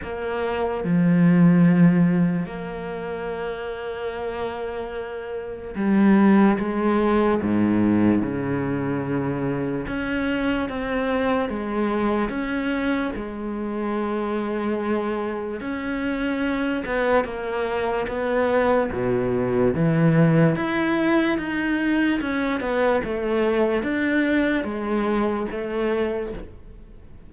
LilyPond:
\new Staff \with { instrumentName = "cello" } { \time 4/4 \tempo 4 = 73 ais4 f2 ais4~ | ais2. g4 | gis4 gis,4 cis2 | cis'4 c'4 gis4 cis'4 |
gis2. cis'4~ | cis'8 b8 ais4 b4 b,4 | e4 e'4 dis'4 cis'8 b8 | a4 d'4 gis4 a4 | }